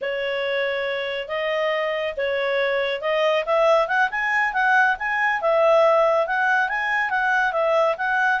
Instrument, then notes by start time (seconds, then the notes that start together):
clarinet
0.01 C#5
1.28 D#5
2.17 C#5
3.01 D#5
3.45 E5
3.87 F#5
4.10 G#5
4.53 F#5
4.99 G#5
5.41 E5
6.26 F#5
6.68 G#5
7.10 F#5
7.52 E5
7.97 F#5